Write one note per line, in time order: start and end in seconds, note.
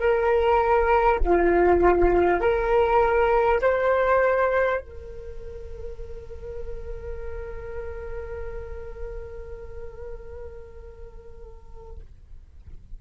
0.00 1.20 A#4
1.24 2.41 F4
2.41 3.61 A#4
3.62 4.81 C5
4.81 12.01 A#4